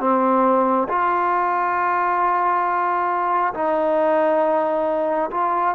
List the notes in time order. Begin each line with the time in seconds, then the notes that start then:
0.00 C4
0.89 F4
3.54 D#4
5.31 F4